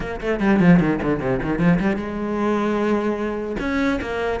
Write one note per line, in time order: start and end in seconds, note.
0.00 0.20 A#3
0.20 0.39 A3
0.39 0.59 G3
0.60 0.79 F3
0.79 0.99 D#3
1.02 1.20 D3
1.20 1.40 C3
1.42 1.59 D#3
1.59 1.79 F3
1.79 1.96 G3
1.96 3.56 G#3
3.59 3.99 C#4
4.01 4.40 A#3